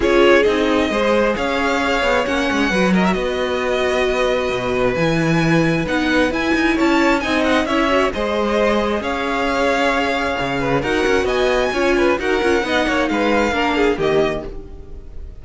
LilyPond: <<
  \new Staff \with { instrumentName = "violin" } { \time 4/4 \tempo 4 = 133 cis''4 dis''2 f''4~ | f''4 fis''4. dis''16 e''16 dis''4~ | dis''2. gis''4~ | gis''4 fis''4 gis''4 a''4 |
gis''8 fis''8 e''4 dis''2 | f''1 | fis''4 gis''2 fis''4~ | fis''4 f''2 dis''4 | }
  \new Staff \with { instrumentName = "violin" } { \time 4/4 gis'2 c''4 cis''4~ | cis''2 b'8 ais'8 b'4~ | b'1~ | b'2. cis''4 |
dis''4 cis''4 c''2 | cis''2.~ cis''8 b'8 | ais'4 dis''4 cis''8 b'8 ais'4 | dis''8 cis''8 b'4 ais'8 gis'8 g'4 | }
  \new Staff \with { instrumentName = "viola" } { \time 4/4 f'4 dis'4 gis'2~ | gis'4 cis'4 fis'2~ | fis'2. e'4~ | e'4 dis'4 e'2 |
dis'4 e'8 fis'8 gis'2~ | gis'1 | fis'2 f'4 fis'8 f'8 | dis'2 d'4 ais4 | }
  \new Staff \with { instrumentName = "cello" } { \time 4/4 cis'4 c'4 gis4 cis'4~ | cis'8 b8 ais8 gis8 fis4 b4~ | b2 b,4 e4~ | e4 b4 e'8 dis'8 cis'4 |
c'4 cis'4 gis2 | cis'2. cis4 | dis'8 cis'8 b4 cis'4 dis'8 cis'8 | b8 ais8 gis4 ais4 dis4 | }
>>